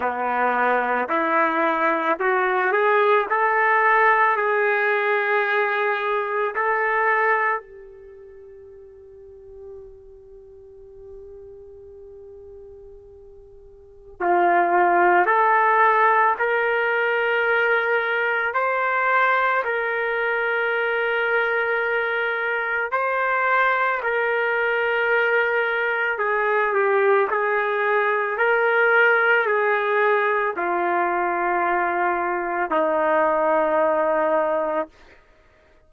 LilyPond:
\new Staff \with { instrumentName = "trumpet" } { \time 4/4 \tempo 4 = 55 b4 e'4 fis'8 gis'8 a'4 | gis'2 a'4 g'4~ | g'1~ | g'4 f'4 a'4 ais'4~ |
ais'4 c''4 ais'2~ | ais'4 c''4 ais'2 | gis'8 g'8 gis'4 ais'4 gis'4 | f'2 dis'2 | }